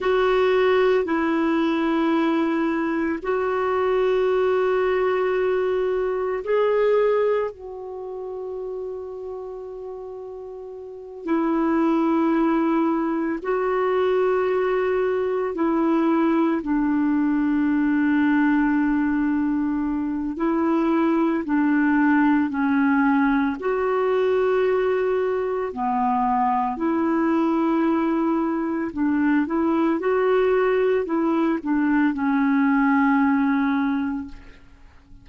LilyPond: \new Staff \with { instrumentName = "clarinet" } { \time 4/4 \tempo 4 = 56 fis'4 e'2 fis'4~ | fis'2 gis'4 fis'4~ | fis'2~ fis'8 e'4.~ | e'8 fis'2 e'4 d'8~ |
d'2. e'4 | d'4 cis'4 fis'2 | b4 e'2 d'8 e'8 | fis'4 e'8 d'8 cis'2 | }